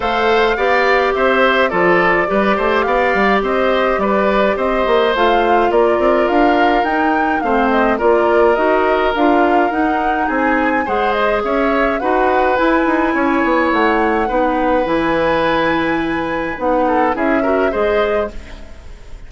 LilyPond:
<<
  \new Staff \with { instrumentName = "flute" } { \time 4/4 \tempo 4 = 105 f''2 e''4 d''4~ | d''4 f''4 dis''4 d''4 | dis''4 f''4 d''4 f''4 | g''4 f''8 dis''8 d''4 dis''4 |
f''4 fis''4 gis''4 fis''8 dis''8 | e''4 fis''4 gis''2 | fis''2 gis''2~ | gis''4 fis''4 e''4 dis''4 | }
  \new Staff \with { instrumentName = "oboe" } { \time 4/4 c''4 d''4 c''4 a'4 | b'8 c''8 d''4 c''4 b'4 | c''2 ais'2~ | ais'4 c''4 ais'2~ |
ais'2 gis'4 c''4 | cis''4 b'2 cis''4~ | cis''4 b'2.~ | b'4. a'8 gis'8 ais'8 c''4 | }
  \new Staff \with { instrumentName = "clarinet" } { \time 4/4 a'4 g'2 f'4 | g'1~ | g'4 f'2. | dis'4 c'4 f'4 fis'4 |
f'4 dis'2 gis'4~ | gis'4 fis'4 e'2~ | e'4 dis'4 e'2~ | e'4 dis'4 e'8 fis'8 gis'4 | }
  \new Staff \with { instrumentName = "bassoon" } { \time 4/4 a4 b4 c'4 f4 | g8 a8 b8 g8 c'4 g4 | c'8 ais8 a4 ais8 c'8 d'4 | dis'4 a4 ais4 dis'4 |
d'4 dis'4 c'4 gis4 | cis'4 dis'4 e'8 dis'8 cis'8 b8 | a4 b4 e2~ | e4 b4 cis'4 gis4 | }
>>